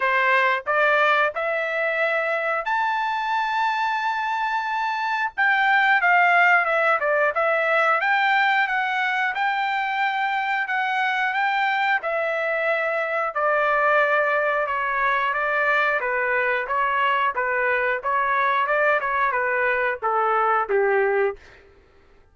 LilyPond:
\new Staff \with { instrumentName = "trumpet" } { \time 4/4 \tempo 4 = 90 c''4 d''4 e''2 | a''1 | g''4 f''4 e''8 d''8 e''4 | g''4 fis''4 g''2 |
fis''4 g''4 e''2 | d''2 cis''4 d''4 | b'4 cis''4 b'4 cis''4 | d''8 cis''8 b'4 a'4 g'4 | }